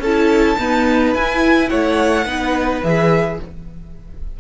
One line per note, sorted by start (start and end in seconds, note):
0.00 0.56 C#4
0.00 0.58 A4
0.00 1.14 A5
0.06 0.59 E4
0.59 1.16 B3
0.59 1.15 D#4
0.59 1.70 B4
1.14 1.71 E4
1.14 2.27 E4
1.14 1.69 G#5
1.69 2.26 A3
1.69 2.25 C#5
1.69 2.82 F#5
2.25 2.82 B3
2.25 2.83 D#4
2.25 3.37 B4
2.83 3.39 E3
2.83 3.40 G#4
2.83 3.40 E5